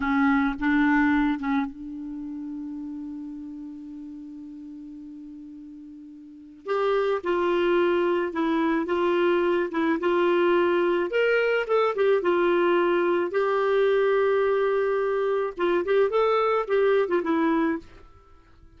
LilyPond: \new Staff \with { instrumentName = "clarinet" } { \time 4/4 \tempo 4 = 108 cis'4 d'4. cis'8 d'4~ | d'1~ | d'1 | g'4 f'2 e'4 |
f'4. e'8 f'2 | ais'4 a'8 g'8 f'2 | g'1 | f'8 g'8 a'4 g'8. f'16 e'4 | }